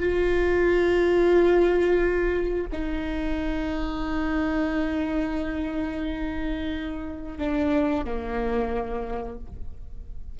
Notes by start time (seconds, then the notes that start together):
0.00 F4
2.73 D#4
7.38 D4
8.05 A#3